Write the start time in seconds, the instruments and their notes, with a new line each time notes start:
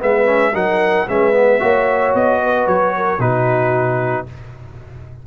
0.00 tuba G#3, trombone B3, horn B4, trumpet E5
0.26 trombone C#4
0.54 tuba F#3, trombone D#4, horn A#4, trumpet F#5
1.08 tuba G#3, trombone C#4, horn B4, trumpet E5
1.33 trombone B3
1.60 tuba A#3, trombone F#4, horn C#5
2.15 tuba B3, trumpet D#5
2.43 horn B4
2.67 tuba F#3, trumpet C#5
2.97 horn A#4
3.19 tuba B2, trombone D#4, horn F#4, trumpet B4